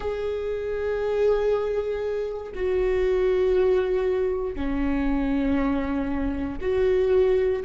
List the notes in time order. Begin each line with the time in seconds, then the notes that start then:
0.00 G#4
2.54 F#4
4.55 C#4
6.61 F#4